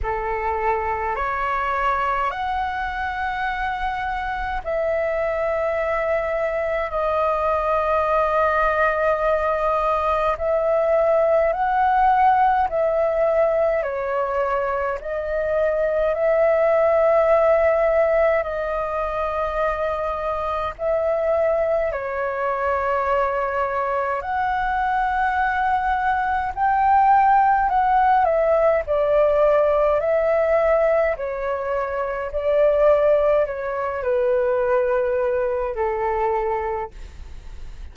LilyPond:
\new Staff \with { instrumentName = "flute" } { \time 4/4 \tempo 4 = 52 a'4 cis''4 fis''2 | e''2 dis''2~ | dis''4 e''4 fis''4 e''4 | cis''4 dis''4 e''2 |
dis''2 e''4 cis''4~ | cis''4 fis''2 g''4 | fis''8 e''8 d''4 e''4 cis''4 | d''4 cis''8 b'4. a'4 | }